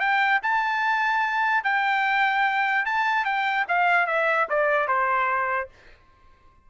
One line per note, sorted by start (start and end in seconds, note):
0.00 0.41 G5
0.43 1.64 A5
1.64 2.86 G5
2.86 3.25 A5
3.25 3.66 G5
3.69 4.07 F5
4.07 4.48 E5
4.50 4.88 D5
4.88 5.69 C5